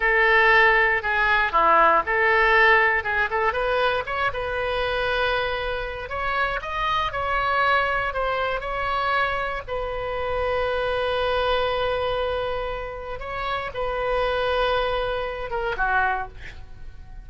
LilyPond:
\new Staff \with { instrumentName = "oboe" } { \time 4/4 \tempo 4 = 118 a'2 gis'4 e'4 | a'2 gis'8 a'8 b'4 | cis''8 b'2.~ b'8 | cis''4 dis''4 cis''2 |
c''4 cis''2 b'4~ | b'1~ | b'2 cis''4 b'4~ | b'2~ b'8 ais'8 fis'4 | }